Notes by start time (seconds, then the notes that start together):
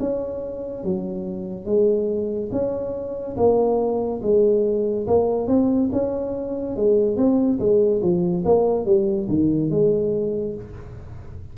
0.00 C#4
0.84 F#3
1.66 G#3
2.52 C#4
3.36 A#3
4.22 G#3
5.07 A#3
5.47 C4
5.92 C#4
6.76 G#3
7.17 C4
7.59 G#3
8.02 F3
8.45 A#3
8.85 G3
9.29 D#3
9.70 G#3